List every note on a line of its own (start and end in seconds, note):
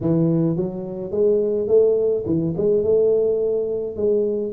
0.00 0.56 E3
0.56 1.11 F#3
1.11 1.67 G#3
1.67 2.24 A3
2.26 2.54 E3
2.57 2.83 G#3
2.83 3.96 A3
3.96 4.52 G#3